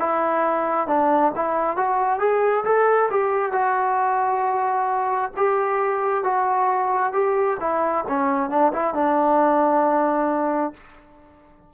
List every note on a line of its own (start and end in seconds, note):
0.00 0.88 E4
0.88 1.32 D4
1.36 1.77 E4
1.77 2.20 F#4
2.20 2.65 G#4
2.65 3.10 A4
3.11 3.53 G4
3.53 5.32 F#4
5.37 6.24 G4
6.24 7.13 F#4
7.13 7.58 G4
7.60 8.05 E4
8.08 8.50 C#4
8.50 8.73 D4
8.73 8.94 E4
8.94 10.73 D4